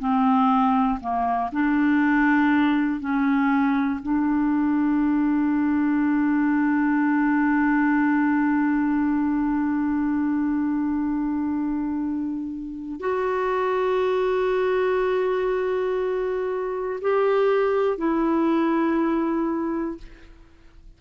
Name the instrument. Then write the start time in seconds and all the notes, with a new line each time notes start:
clarinet
0.00 C4
1.01 A#3
1.52 D4
3.01 C#4
4.03 D4
13.01 F#4
17.02 G4
17.98 E4